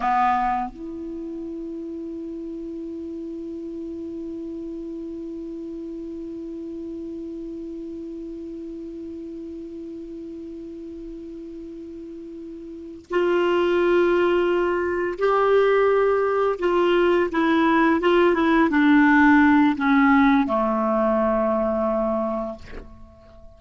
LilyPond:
\new Staff \with { instrumentName = "clarinet" } { \time 4/4 \tempo 4 = 85 b4 e'2.~ | e'1~ | e'1~ | e'1~ |
e'2~ e'8 f'4.~ | f'4. g'2 f'8~ | f'8 e'4 f'8 e'8 d'4. | cis'4 a2. | }